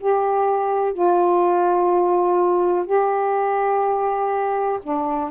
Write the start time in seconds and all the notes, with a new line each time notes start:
0.00 G4
0.94 F4
2.86 G4
4.83 D4